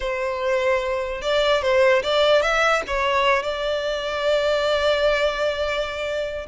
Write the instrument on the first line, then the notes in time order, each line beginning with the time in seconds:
violin
0.00 C5
1.21 D5
1.62 C5
2.03 D5
2.41 E5
2.87 C#5
3.42 D5